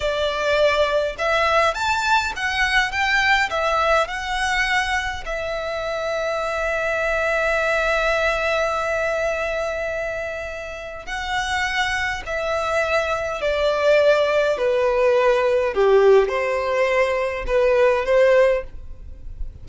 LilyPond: \new Staff \with { instrumentName = "violin" } { \time 4/4 \tempo 4 = 103 d''2 e''4 a''4 | fis''4 g''4 e''4 fis''4~ | fis''4 e''2.~ | e''1~ |
e''2. fis''4~ | fis''4 e''2 d''4~ | d''4 b'2 g'4 | c''2 b'4 c''4 | }